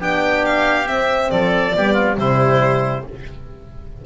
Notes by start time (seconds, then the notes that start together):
0.00 B3 D4 G4 G5
0.45 F5
0.86 C4 E5
1.31 F3 A4 D5
1.75 G3 B3 G4
1.93 F4
2.18 C3 G3 E4 C5